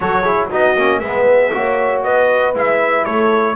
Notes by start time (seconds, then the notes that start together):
0.00 F#3 F#4 A4 C#5
0.22 E4 G#4
0.50 B3 D#4 F#4 D#5
0.76 A#3 C#4
0.99 G#3 B3 B4 E5
1.53 A#3 F#4 C#5
2.03 B3 B4 D#5
2.54 G#3 E4 E5
3.04 A3 A4 C#5